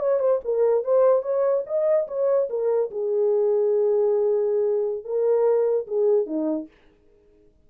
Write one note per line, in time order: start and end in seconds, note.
0.00 0.20 C#5
0.20 0.41 C5
0.45 0.84 A#4
0.84 1.23 C5
1.23 1.64 C#5
1.67 2.08 D#5
2.08 2.49 C#5
2.50 2.91 A#4
2.91 5.05 G#4
5.05 5.87 A#4
5.88 6.27 G#4
6.27 6.68 D#4